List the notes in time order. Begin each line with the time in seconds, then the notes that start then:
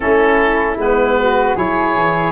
0.00 A3 C#4 E4 A4
0.76 G#3 B3 B4
1.18 F#4
1.55 F#3 E4 G#4 C#5
1.95 E3